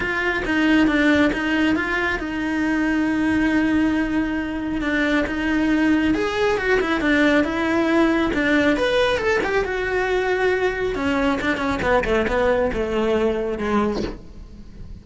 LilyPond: \new Staff \with { instrumentName = "cello" } { \time 4/4 \tempo 4 = 137 f'4 dis'4 d'4 dis'4 | f'4 dis'2.~ | dis'2. d'4 | dis'2 gis'4 fis'8 e'8 |
d'4 e'2 d'4 | b'4 a'8 g'8 fis'2~ | fis'4 cis'4 d'8 cis'8 b8 a8 | b4 a2 gis4 | }